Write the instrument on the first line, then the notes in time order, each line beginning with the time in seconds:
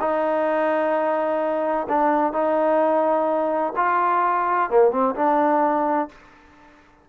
trombone
0.00 D#4
1.89 D4
2.33 D#4
3.76 F4
4.70 A#3
4.91 C4
5.15 D4